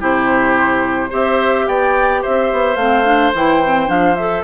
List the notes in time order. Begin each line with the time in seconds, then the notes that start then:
0.00 C3 E4 G4 C5
1.10 C4 G4 C5 E5
1.68 B3 D5 G5
2.22 C4 C5 E5
2.53 B3
2.76 A3 C4 F5
3.05 D4
3.34 E3 E4 G5
3.66 C4
3.87 F3 D4 F5
4.16 A4 E5